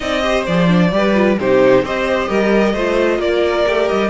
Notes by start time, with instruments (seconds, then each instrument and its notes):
0.00 cello C4, viola D#4, violin D5 D#5
0.22 viola G4, violin C5
0.46 cello F3, viola G#4, violin D5
0.67 viola D4
0.91 cello G3, viola G4, violin B4
1.14 viola F4
1.39 cello C3, viola D#4, violin G4 C5
1.82 cello C4, viola G4, violin C5 D#5
2.28 cello G3, violin A#4
2.73 cello A3, viola F4, violin C5
3.18 cello A#3, violin A#4 D5
3.67 cello A3, viola G4
3.88 cello G3, violin D#5